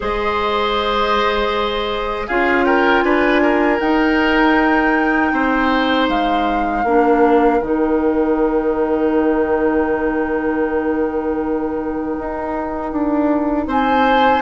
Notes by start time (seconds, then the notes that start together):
0.00 G#3 G#4 C5 D#5
2.26 C#4 F4 G#4 F5
2.65 A#4 G5
3.03 D4 B4 G#5
3.42 A#4
3.79 D#4 G5
5.32 C4 C5
6.08 G#3 F5
6.84 A#3 D4 A#4
7.61 D#3 D#4 G5
12.18 D#4
12.92 D4
13.66 C4 C5 G#5